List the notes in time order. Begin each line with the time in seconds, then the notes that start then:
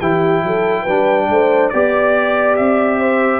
0.00 E3 E4 G4 G5
0.43 F#3 A4
0.82 G3 D4 B4
1.29 A3 C5
1.69 B3 G4 D5
2.56 C4 E5
3.00 C5